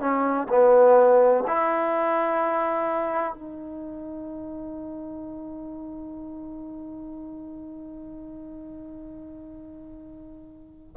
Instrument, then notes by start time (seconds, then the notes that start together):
trombone
0.00 C#4
0.49 B3
1.47 E4
3.34 D#4